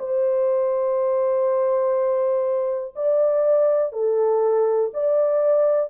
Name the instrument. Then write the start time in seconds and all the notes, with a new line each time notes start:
horn
0.00 C5
2.96 D5
3.93 A4
4.94 D5